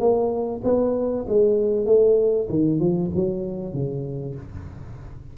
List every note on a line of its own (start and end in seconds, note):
0.00 0.62 A#3
0.64 1.26 B3
1.28 1.86 G#3
1.86 2.48 A3
2.50 2.80 D#3
2.80 3.11 F3
3.15 3.73 F#3
3.73 4.35 C#3